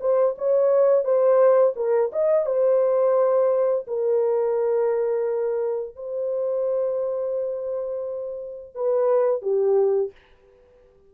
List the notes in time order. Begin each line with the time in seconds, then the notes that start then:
0.00 C5
0.38 C#5
1.04 C5
1.75 A#4
2.12 D#5
2.45 C5
3.87 A#4
5.95 C5
8.74 B4
9.42 G4